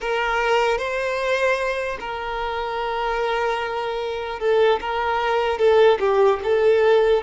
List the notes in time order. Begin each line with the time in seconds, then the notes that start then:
0.00 A#4
0.78 C5
2.00 A#4
4.39 A4
4.80 A#4
5.58 A4
5.99 G4
6.43 A4